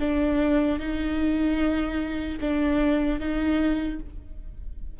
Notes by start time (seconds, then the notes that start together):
0.00 D4
0.80 D#4
2.40 D4
3.20 D#4